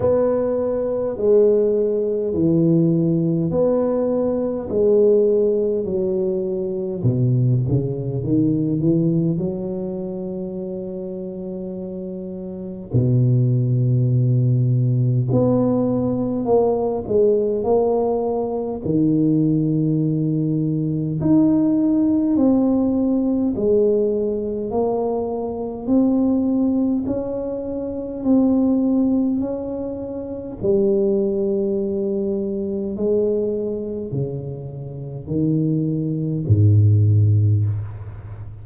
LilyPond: \new Staff \with { instrumentName = "tuba" } { \time 4/4 \tempo 4 = 51 b4 gis4 e4 b4 | gis4 fis4 b,8 cis8 dis8 e8 | fis2. b,4~ | b,4 b4 ais8 gis8 ais4 |
dis2 dis'4 c'4 | gis4 ais4 c'4 cis'4 | c'4 cis'4 g2 | gis4 cis4 dis4 gis,4 | }